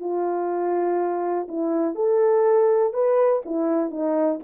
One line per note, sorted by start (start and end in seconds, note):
0.00 1.48 F4
1.48 1.95 E4
1.95 2.94 A4
2.94 3.43 B4
3.46 3.91 E4
3.91 4.40 D#4